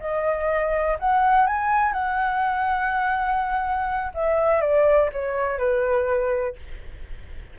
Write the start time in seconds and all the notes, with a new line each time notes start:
0.00 D#5
0.99 F#5
1.47 G#5
1.93 F#5
4.15 E5
4.61 D5
5.13 C#5
5.59 B4